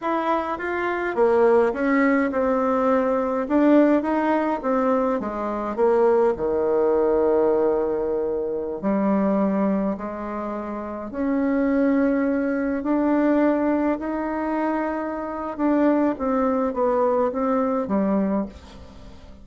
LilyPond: \new Staff \with { instrumentName = "bassoon" } { \time 4/4 \tempo 4 = 104 e'4 f'4 ais4 cis'4 | c'2 d'4 dis'4 | c'4 gis4 ais4 dis4~ | dis2.~ dis16 g8.~ |
g4~ g16 gis2 cis'8.~ | cis'2~ cis'16 d'4.~ d'16~ | d'16 dis'2~ dis'8. d'4 | c'4 b4 c'4 g4 | }